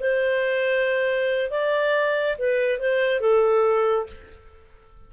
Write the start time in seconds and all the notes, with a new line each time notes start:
0.00 C5
1.50 D5
2.38 B4
2.79 C5
3.21 A4